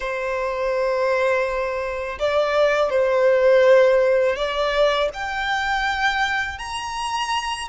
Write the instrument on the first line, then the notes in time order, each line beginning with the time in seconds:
violin
0.00 C5
2.19 D5
2.89 C5
4.35 D5
5.13 G5
6.58 A#5